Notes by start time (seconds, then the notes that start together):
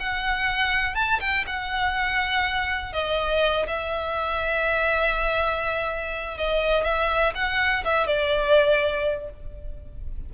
0.00 F#5
0.95 A5
1.21 G5
1.47 F#5
2.93 D#5
3.68 E5
6.38 D#5
6.85 E5
7.35 F#5
7.85 E5
8.07 D5